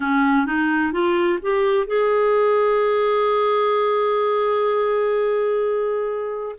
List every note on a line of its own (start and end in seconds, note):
0.00 0.46 C#4
0.46 0.92 D#4
0.92 1.39 F4
1.42 1.86 G4
1.86 6.55 G#4